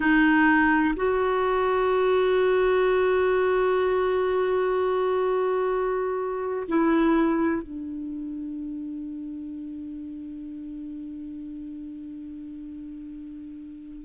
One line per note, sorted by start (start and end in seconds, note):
0.00 0.94 D#4
0.95 6.67 F#4
6.68 7.62 E4
7.62 14.04 D4